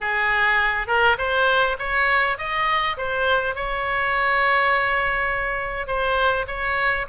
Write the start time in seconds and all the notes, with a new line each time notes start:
0.00 G#4
0.87 A#4
1.18 C5
1.79 C#5
2.37 D#5
2.97 C5
3.55 C#5
5.87 C5
6.47 C#5